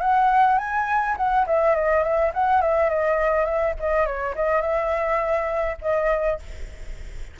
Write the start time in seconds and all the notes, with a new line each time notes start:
0.00 F#5
0.58 G#5
1.16 F#5
1.46 E5
1.75 D#5
2.03 E5
2.34 F#5
2.61 E5
2.89 D#5
3.45 E5
3.79 D#5
4.06 C#5
4.35 D#5
4.61 E5
5.81 D#5